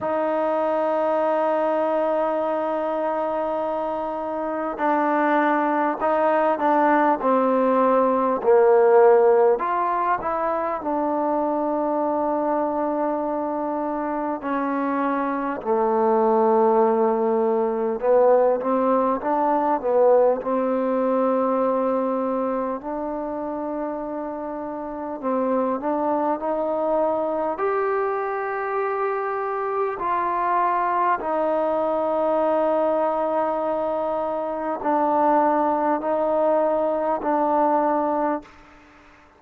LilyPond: \new Staff \with { instrumentName = "trombone" } { \time 4/4 \tempo 4 = 50 dis'1 | d'4 dis'8 d'8 c'4 ais4 | f'8 e'8 d'2. | cis'4 a2 b8 c'8 |
d'8 b8 c'2 d'4~ | d'4 c'8 d'8 dis'4 g'4~ | g'4 f'4 dis'2~ | dis'4 d'4 dis'4 d'4 | }